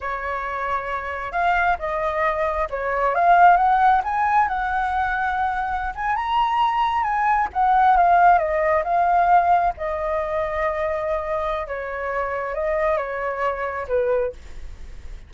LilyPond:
\new Staff \with { instrumentName = "flute" } { \time 4/4 \tempo 4 = 134 cis''2. f''4 | dis''2 cis''4 f''4 | fis''4 gis''4 fis''2~ | fis''4~ fis''16 gis''8 ais''2 gis''16~ |
gis''8. fis''4 f''4 dis''4 f''16~ | f''4.~ f''16 dis''2~ dis''16~ | dis''2 cis''2 | dis''4 cis''2 b'4 | }